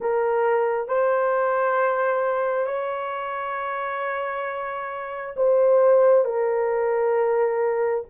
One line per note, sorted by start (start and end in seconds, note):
0.00 0.88 A#4
0.88 2.66 C5
2.66 5.34 C#5
5.36 6.24 C5
6.24 8.04 A#4